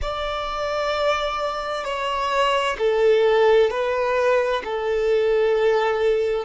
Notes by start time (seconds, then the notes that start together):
0.01 D5
1.84 C#5
2.78 A4
3.70 B4
4.64 A4